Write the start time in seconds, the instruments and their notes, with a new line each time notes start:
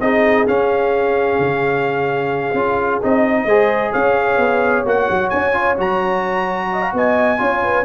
0.00 tuba C4, trombone D#4, horn G#4, trumpet D#5
0.47 trombone C#4, tuba C#4, trumpet F5
1.39 tuba C#3
2.53 tuba C#4, trombone F4
3.02 tuba C4, trombone D#4, trumpet D#5
3.45 tuba G#3, trombone G#4, horn C5
3.91 tuba C#4, horn C#5, trumpet F5
4.37 tuba B3
4.85 tuba A#3, trombone F#4, trumpet F#5
5.09 tuba F#3
5.29 tuba C#4, trumpet G#5
5.52 trombone F4
5.77 tuba F#3, trombone F#4, trumpet A#5
6.72 horn D#5
6.81 horn F5
6.93 tuba B3, horn D#5, trumpet G#5
7.38 tuba C#4, trombone F4, horn C#5
7.63 horn B4